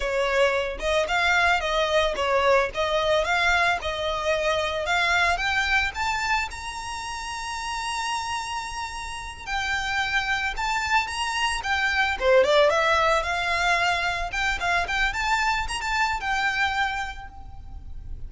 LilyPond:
\new Staff \with { instrumentName = "violin" } { \time 4/4 \tempo 4 = 111 cis''4. dis''8 f''4 dis''4 | cis''4 dis''4 f''4 dis''4~ | dis''4 f''4 g''4 a''4 | ais''1~ |
ais''4. g''2 a''8~ | a''8 ais''4 g''4 c''8 d''8 e''8~ | e''8 f''2 g''8 f''8 g''8 | a''4 ais''16 a''8. g''2 | }